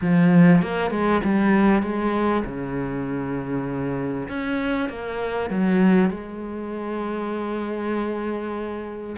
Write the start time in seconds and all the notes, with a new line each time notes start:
0.01 F3
0.62 A#3
0.90 G#3
1.24 G3
1.82 G#3
2.45 C#3
4.29 C#4
4.89 A#3
5.50 F#3
6.09 G#3